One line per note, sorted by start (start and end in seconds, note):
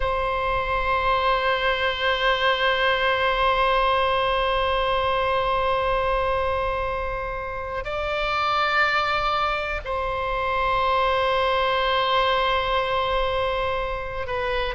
0.00 7.84 C5
7.84 9.80 D5
9.84 14.26 C5
14.26 14.75 B4